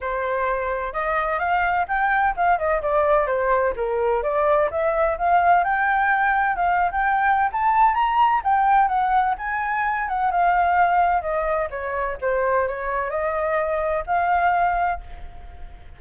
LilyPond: \new Staff \with { instrumentName = "flute" } { \time 4/4 \tempo 4 = 128 c''2 dis''4 f''4 | g''4 f''8 dis''8 d''4 c''4 | ais'4 d''4 e''4 f''4 | g''2 f''8. g''4~ g''16 |
a''4 ais''4 g''4 fis''4 | gis''4. fis''8 f''2 | dis''4 cis''4 c''4 cis''4 | dis''2 f''2 | }